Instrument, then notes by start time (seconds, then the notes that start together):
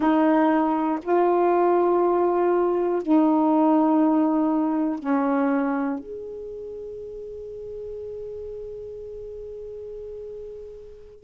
saxophone
0.00 D#4
1.02 F4
3.02 D#4
4.99 C#4
5.99 G#4